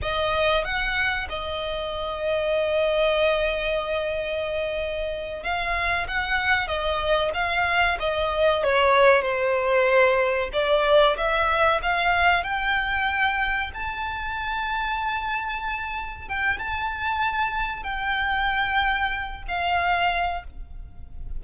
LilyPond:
\new Staff \with { instrumentName = "violin" } { \time 4/4 \tempo 4 = 94 dis''4 fis''4 dis''2~ | dis''1~ | dis''8 f''4 fis''4 dis''4 f''8~ | f''8 dis''4 cis''4 c''4.~ |
c''8 d''4 e''4 f''4 g''8~ | g''4. a''2~ a''8~ | a''4. g''8 a''2 | g''2~ g''8 f''4. | }